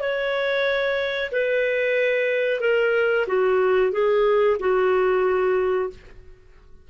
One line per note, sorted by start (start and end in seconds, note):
0.00 1.30 C#5
1.32 2.61 B4
2.61 3.26 A#4
3.28 3.92 F#4
3.92 4.57 G#4
4.60 5.90 F#4